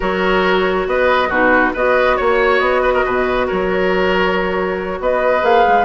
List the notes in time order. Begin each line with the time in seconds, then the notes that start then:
0.00 F#3 F#4 A#4 C#5
0.86 B3 B4 D#5
1.28 B2 D#4 F#4 B4
1.73 B3 F#4 B4 D#5
2.16 A#3 C#5
2.59 B3 D#5
2.82 B4
2.93 A#4
3.05 B2 B4
3.46 F#3 A#4 C#5
5.00 B3 B4 D#5
5.41 A#3 G#4 F5
5.67 G#3